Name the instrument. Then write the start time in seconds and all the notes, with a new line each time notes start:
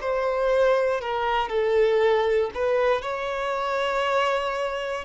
violin
0.00 C5
1.01 A#4
1.48 A4
2.54 B4
3.01 C#5